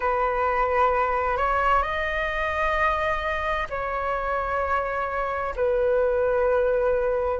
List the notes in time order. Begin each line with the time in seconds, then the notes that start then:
0.00 B4
1.37 C#5
1.82 D#5
3.69 C#5
5.56 B4